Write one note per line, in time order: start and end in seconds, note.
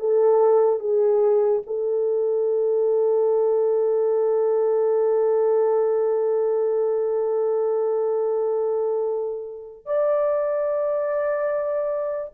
0.00 0.80 A4
0.80 1.62 G#4
1.67 9.86 A4
9.86 12.33 D5